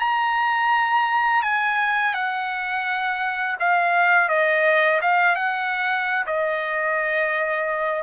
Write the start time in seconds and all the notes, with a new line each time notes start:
0.00 A#5
1.43 G#5
2.15 F#5
3.60 F5
4.29 D#5
5.02 F5
5.36 F#5
6.27 D#5